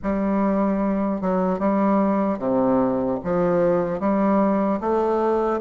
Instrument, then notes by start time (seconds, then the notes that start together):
bassoon
0.03 G3
1.21 F#3
1.59 G3
2.39 C3
3.23 F3
4.00 G3
4.80 A3